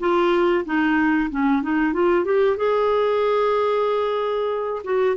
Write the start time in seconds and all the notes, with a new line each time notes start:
0.00 F4
0.65 D#4
1.30 C#4
1.62 D#4
1.93 F4
2.25 G4
2.56 G#4
4.84 F#4